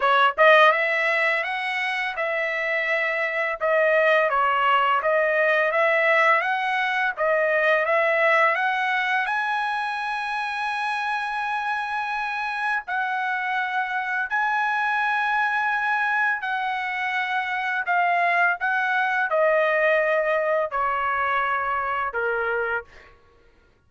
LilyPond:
\new Staff \with { instrumentName = "trumpet" } { \time 4/4 \tempo 4 = 84 cis''8 dis''8 e''4 fis''4 e''4~ | e''4 dis''4 cis''4 dis''4 | e''4 fis''4 dis''4 e''4 | fis''4 gis''2.~ |
gis''2 fis''2 | gis''2. fis''4~ | fis''4 f''4 fis''4 dis''4~ | dis''4 cis''2 ais'4 | }